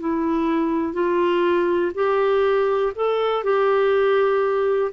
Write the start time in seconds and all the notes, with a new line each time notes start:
0.00 E4
0.93 F4
1.94 G4
2.96 A4
3.44 G4